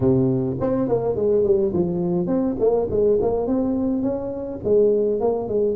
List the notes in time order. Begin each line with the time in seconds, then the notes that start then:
0.00 C3
0.60 C4
0.88 A#3
1.15 G#3
1.43 G3
1.73 F3
2.26 C4
2.59 A#3
2.90 G#3
3.21 A#3
3.46 C4
4.02 C#4
4.63 G#3
5.20 A#3
5.48 G#3